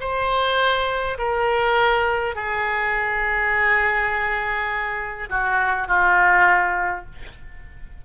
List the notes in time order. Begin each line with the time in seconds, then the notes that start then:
0.00 C5
1.18 A#4
2.35 G#4
5.30 F#4
5.88 F4